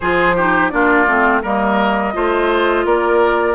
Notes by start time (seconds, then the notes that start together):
0.00 F3 F4 G#4 C5
0.35 D#4 G4
0.69 A#3 D4 F4 D5
1.07 A3 C4
1.42 G3 A#3 A#4 D#5
2.13 A3 F4 C5
2.85 A#3 A#4 D5